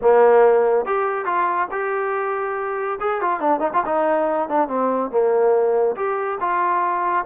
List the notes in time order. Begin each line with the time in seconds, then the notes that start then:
0.01 A#3
0.85 G4
1.25 F4
1.71 G4
3.00 G#4
3.21 F4
3.39 D4
3.60 D#4
3.73 F4
3.85 D#4
4.49 D4
4.68 C4
5.10 A#3
5.96 G4
6.40 F4